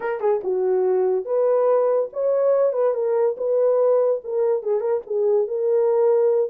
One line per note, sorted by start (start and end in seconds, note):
0.00 0.20 A#4
0.20 0.41 G#4
0.43 1.25 F#4
1.25 2.09 B4
2.12 2.73 C#5
2.73 2.94 B4
2.94 3.36 A#4
3.37 4.21 B4
4.24 4.62 A#4
4.62 4.80 G#4
4.80 5.01 A#4
5.06 5.47 G#4
5.47 6.50 A#4